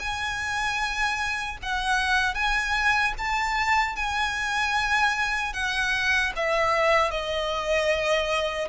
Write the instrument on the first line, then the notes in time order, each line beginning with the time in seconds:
violin
0.00 G#5
1.63 F#5
2.35 G#5
3.18 A5
3.96 G#5
5.54 F#5
6.36 E5
7.11 D#5